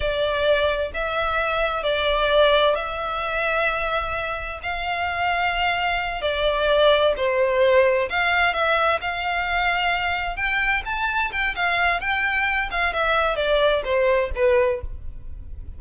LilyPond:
\new Staff \with { instrumentName = "violin" } { \time 4/4 \tempo 4 = 130 d''2 e''2 | d''2 e''2~ | e''2 f''2~ | f''4. d''2 c''8~ |
c''4. f''4 e''4 f''8~ | f''2~ f''8 g''4 a''8~ | a''8 g''8 f''4 g''4. f''8 | e''4 d''4 c''4 b'4 | }